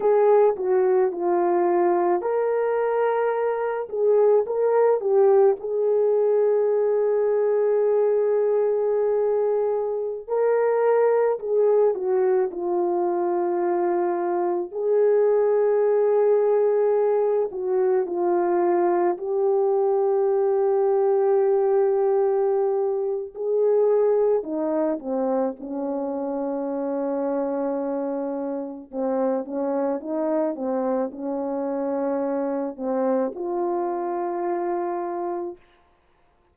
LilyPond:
\new Staff \with { instrumentName = "horn" } { \time 4/4 \tempo 4 = 54 gis'8 fis'8 f'4 ais'4. gis'8 | ais'8 g'8 gis'2.~ | gis'4~ gis'16 ais'4 gis'8 fis'8 f'8.~ | f'4~ f'16 gis'2~ gis'8 fis'16~ |
fis'16 f'4 g'2~ g'8.~ | g'4 gis'4 dis'8 c'8 cis'4~ | cis'2 c'8 cis'8 dis'8 c'8 | cis'4. c'8 f'2 | }